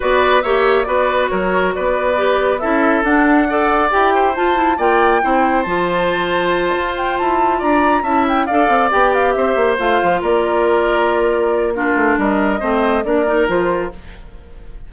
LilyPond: <<
  \new Staff \with { instrumentName = "flute" } { \time 4/4 \tempo 4 = 138 d''4 e''4 d''4 cis''4 | d''2 e''4 fis''4~ | fis''4 g''4 a''4 g''4~ | g''4 a''2. |
g''8 a''4 ais''4 a''8 g''8 f''8~ | f''8 g''8 f''8 e''4 f''4 d''8~ | d''2. ais'4 | dis''2 d''4 c''4 | }
  \new Staff \with { instrumentName = "oboe" } { \time 4/4 b'4 cis''4 b'4 ais'4 | b'2 a'2 | d''4. c''4. d''4 | c''1~ |
c''4. d''4 e''4 d''8~ | d''4. c''2 ais'8~ | ais'2. f'4 | ais'4 c''4 ais'2 | }
  \new Staff \with { instrumentName = "clarinet" } { \time 4/4 fis'4 g'4 fis'2~ | fis'4 g'4 e'4 d'4 | a'4 g'4 f'8 e'8 f'4 | e'4 f'2.~ |
f'2~ f'8 e'4 a'8~ | a'8 g'2 f'4.~ | f'2. d'4~ | d'4 c'4 d'8 dis'8 f'4 | }
  \new Staff \with { instrumentName = "bassoon" } { \time 4/4 b4 ais4 b4 fis4 | b2 cis'4 d'4~ | d'4 e'4 f'4 ais4 | c'4 f2~ f8 f'8~ |
f'8 e'4 d'4 cis'4 d'8 | c'8 b4 c'8 ais8 a8 f8 ais8~ | ais2.~ ais8 a8 | g4 a4 ais4 f4 | }
>>